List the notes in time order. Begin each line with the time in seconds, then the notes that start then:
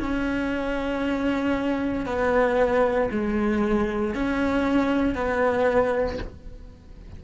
0.00 C#4
2.06 B3
3.11 G#3
4.14 C#4
5.15 B3